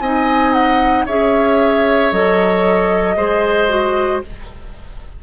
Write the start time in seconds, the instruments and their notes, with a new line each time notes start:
0.00 bassoon C4, clarinet D#4, oboe D#5, flute G#5
0.53 flute F#5
1.05 bassoon C#4, clarinet G#4, oboe C#5, flute E5
2.12 bassoon F#3, clarinet A4, flute D#5
3.16 bassoon G#3, clarinet G#4, oboe C5
3.69 clarinet F#4